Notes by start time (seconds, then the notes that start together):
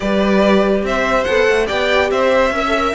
0.00 G3 G4 B4 D5
0.82 C4 C5 E5
1.23 B3 A4 F#5
1.49 A3
1.66 B3 G4 D5 G5
2.11 C4 C5 E5
2.50 C#4 A#4 E5
2.67 A4
2.77 A#4